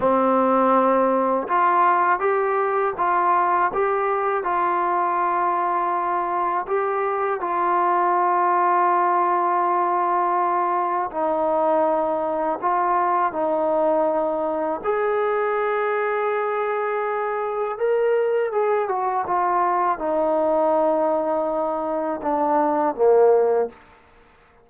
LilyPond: \new Staff \with { instrumentName = "trombone" } { \time 4/4 \tempo 4 = 81 c'2 f'4 g'4 | f'4 g'4 f'2~ | f'4 g'4 f'2~ | f'2. dis'4~ |
dis'4 f'4 dis'2 | gis'1 | ais'4 gis'8 fis'8 f'4 dis'4~ | dis'2 d'4 ais4 | }